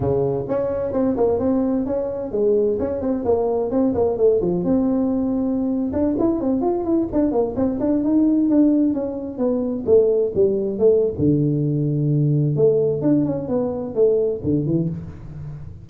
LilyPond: \new Staff \with { instrumentName = "tuba" } { \time 4/4 \tempo 4 = 129 cis4 cis'4 c'8 ais8 c'4 | cis'4 gis4 cis'8 c'8 ais4 | c'8 ais8 a8 f8 c'2~ | c'8. d'8 e'8 c'8 f'8 e'8 d'8 ais16~ |
ais16 c'8 d'8 dis'4 d'4 cis'8.~ | cis'16 b4 a4 g4 a8. | d2. a4 | d'8 cis'8 b4 a4 d8 e8 | }